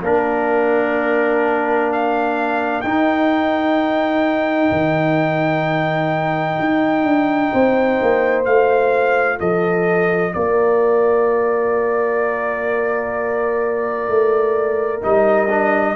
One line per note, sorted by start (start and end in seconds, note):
0.00 2.83 A#3
0.00 2.85 D4
0.00 7.50 A#4
0.00 1.92 A#4
1.92 2.81 F5
2.81 4.71 D#4
2.81 8.46 D#4
2.81 8.44 G5
4.72 6.59 D#3
6.60 7.04 D#4
7.04 7.51 D4
7.53 8.00 C4
7.53 9.39 C5
8.02 8.46 A#3
8.45 9.40 A3
8.45 15.02 F4
8.45 9.39 F5
9.39 10.34 F3
9.39 10.33 A4
9.39 10.34 D#5
10.34 14.09 A#3
10.34 15.96 A#4
10.34 15.02 D5
14.09 15.02 A3
15.02 15.96 G3
15.02 15.49 D#4
15.02 15.96 D#5
15.50 15.96 D4